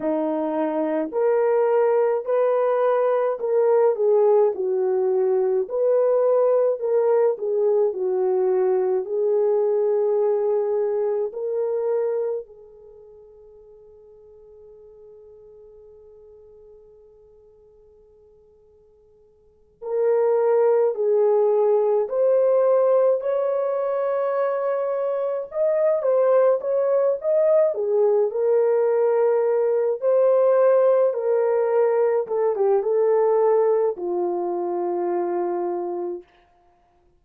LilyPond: \new Staff \with { instrumentName = "horn" } { \time 4/4 \tempo 4 = 53 dis'4 ais'4 b'4 ais'8 gis'8 | fis'4 b'4 ais'8 gis'8 fis'4 | gis'2 ais'4 gis'4~ | gis'1~ |
gis'4. ais'4 gis'4 c''8~ | c''8 cis''2 dis''8 c''8 cis''8 | dis''8 gis'8 ais'4. c''4 ais'8~ | ais'8 a'16 g'16 a'4 f'2 | }